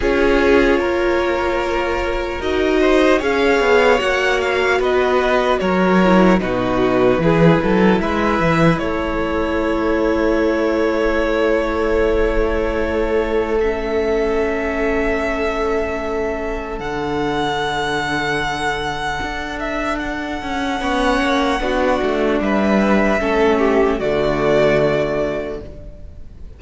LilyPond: <<
  \new Staff \with { instrumentName = "violin" } { \time 4/4 \tempo 4 = 75 cis''2. dis''4 | f''4 fis''8 f''8 dis''4 cis''4 | b'2 e''4 cis''4~ | cis''1~ |
cis''4 e''2.~ | e''4 fis''2.~ | fis''8 e''8 fis''2. | e''2 d''2 | }
  \new Staff \with { instrumentName = "violin" } { \time 4/4 gis'4 ais'2~ ais'8 c''8 | cis''2 b'4 ais'4 | fis'4 gis'8 a'8 b'4 a'4~ | a'1~ |
a'1~ | a'1~ | a'2 cis''4 fis'4 | b'4 a'8 g'8 fis'2 | }
  \new Staff \with { instrumentName = "viola" } { \time 4/4 f'2. fis'4 | gis'4 fis'2~ fis'8 e'8 | dis'4 e'2.~ | e'1~ |
e'4 cis'2.~ | cis'4 d'2.~ | d'2 cis'4 d'4~ | d'4 cis'4 a2 | }
  \new Staff \with { instrumentName = "cello" } { \time 4/4 cis'4 ais2 dis'4 | cis'8 b8 ais4 b4 fis4 | b,4 e8 fis8 gis8 e8 a4~ | a1~ |
a1~ | a4 d2. | d'4. cis'8 b8 ais8 b8 a8 | g4 a4 d2 | }
>>